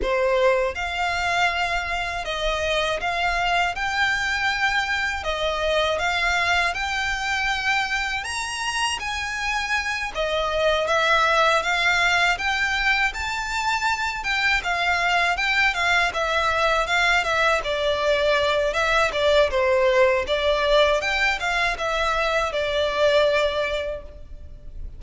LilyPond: \new Staff \with { instrumentName = "violin" } { \time 4/4 \tempo 4 = 80 c''4 f''2 dis''4 | f''4 g''2 dis''4 | f''4 g''2 ais''4 | gis''4. dis''4 e''4 f''8~ |
f''8 g''4 a''4. g''8 f''8~ | f''8 g''8 f''8 e''4 f''8 e''8 d''8~ | d''4 e''8 d''8 c''4 d''4 | g''8 f''8 e''4 d''2 | }